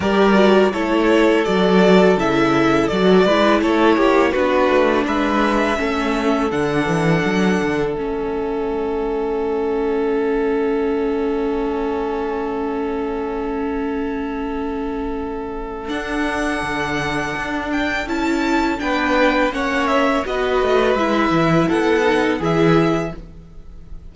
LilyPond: <<
  \new Staff \with { instrumentName = "violin" } { \time 4/4 \tempo 4 = 83 d''4 cis''4 d''4 e''4 | d''4 cis''4 b'4 e''4~ | e''4 fis''2 e''4~ | e''1~ |
e''1~ | e''2 fis''2~ | fis''8 g''8 a''4 g''4 fis''8 e''8 | dis''4 e''4 fis''4 e''4 | }
  \new Staff \with { instrumentName = "violin" } { \time 4/4 ais'4 a'2.~ | a'8 b'8 a'8 g'8 fis'4 b'4 | a'1~ | a'1~ |
a'1~ | a'1~ | a'2 b'4 cis''4 | b'2 a'4 gis'4 | }
  \new Staff \with { instrumentName = "viola" } { \time 4/4 g'8 fis'8 e'4 fis'4 e'4 | fis'8 e'4. d'2 | cis'4 d'2 cis'4~ | cis'1~ |
cis'1~ | cis'2 d'2~ | d'4 e'4 d'4 cis'4 | fis'4 e'4. dis'8 e'4 | }
  \new Staff \with { instrumentName = "cello" } { \time 4/4 g4 a4 fis4 cis4 | fis8 gis8 a8 ais8 b8 a8 gis4 | a4 d8 e8 fis8 d8 a4~ | a1~ |
a1~ | a2 d'4 d4 | d'4 cis'4 b4 ais4 | b8 a8 gis8 e8 b4 e4 | }
>>